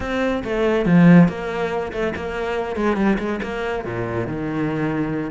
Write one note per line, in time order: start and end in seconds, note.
0.00 0.43 C4
0.44 0.85 A3
0.85 1.28 F3
1.28 1.92 A#3
1.92 2.13 A3
2.15 2.76 A#3
2.76 2.96 G#3
2.96 3.17 G3
3.18 3.40 G#3
3.43 3.84 A#3
3.84 4.27 A#2
4.27 5.30 D#3